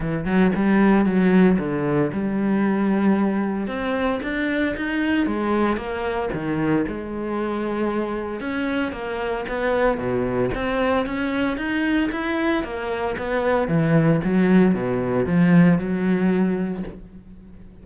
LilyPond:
\new Staff \with { instrumentName = "cello" } { \time 4/4 \tempo 4 = 114 e8 fis8 g4 fis4 d4 | g2. c'4 | d'4 dis'4 gis4 ais4 | dis4 gis2. |
cis'4 ais4 b4 b,4 | c'4 cis'4 dis'4 e'4 | ais4 b4 e4 fis4 | b,4 f4 fis2 | }